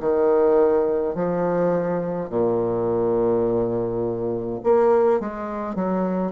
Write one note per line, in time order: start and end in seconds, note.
0.00 1.15 D#3
1.15 2.30 F3
2.30 4.60 A#2
4.64 5.20 A#3
5.20 5.75 G#3
5.75 6.32 F#3